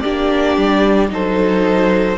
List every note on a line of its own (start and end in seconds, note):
0.00 0.57 A#3
0.00 1.09 D4
0.00 1.09 G4
0.00 1.07 D5
0.57 1.09 G3
1.09 2.16 F#3
1.09 2.16 D#4
1.09 2.17 A4
1.09 2.17 C5